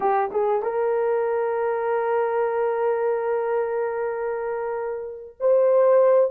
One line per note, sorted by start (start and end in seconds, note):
0.00 0.30 G4
0.31 0.62 G#4
0.62 5.36 A#4
5.39 6.30 C5